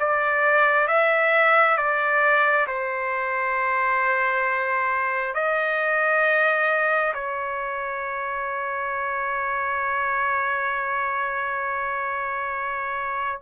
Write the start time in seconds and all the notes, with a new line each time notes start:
0.00 D5
0.88 E5
1.78 D5
2.68 C5
5.35 D#5
7.14 C#5